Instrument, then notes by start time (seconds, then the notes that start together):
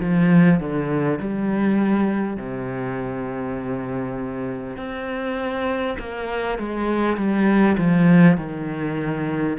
cello
0.00 F3
0.60 D3
1.19 G3
2.37 C3
4.77 C4
5.99 A#3
6.58 G#3
7.17 G3
7.78 F3
8.37 D#3